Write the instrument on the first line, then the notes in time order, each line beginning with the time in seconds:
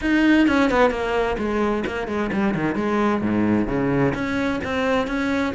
cello
0.01 D#4
0.47 C#4
0.70 B3
0.90 A#3
1.37 G#3
1.86 A#3
2.07 G#3
2.32 G3
2.54 D#3
2.75 G#3
3.21 G#2
3.67 C#3
4.14 C#4
4.63 C4
5.07 C#4